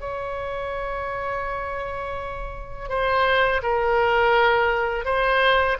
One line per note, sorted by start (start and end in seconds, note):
0.00 2.89 C#5
2.89 3.61 C5
3.62 5.05 A#4
5.05 5.77 C5